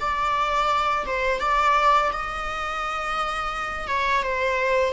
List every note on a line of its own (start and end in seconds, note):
0.00 1.06 D5
1.06 1.40 C5
1.40 2.11 D5
2.12 3.87 D#5
3.87 4.22 C#5
4.23 4.93 C5